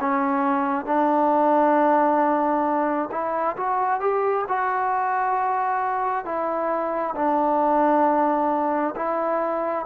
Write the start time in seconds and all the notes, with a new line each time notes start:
0.00 C#4
0.85 D4
3.11 E4
3.56 F#4
4.00 G4
4.48 F#4
6.25 E4
7.15 D4
8.96 E4